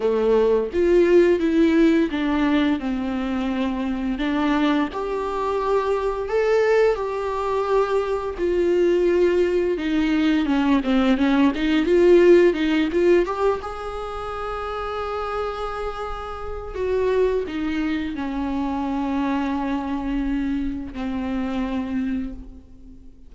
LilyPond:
\new Staff \with { instrumentName = "viola" } { \time 4/4 \tempo 4 = 86 a4 f'4 e'4 d'4 | c'2 d'4 g'4~ | g'4 a'4 g'2 | f'2 dis'4 cis'8 c'8 |
cis'8 dis'8 f'4 dis'8 f'8 g'8 gis'8~ | gis'1 | fis'4 dis'4 cis'2~ | cis'2 c'2 | }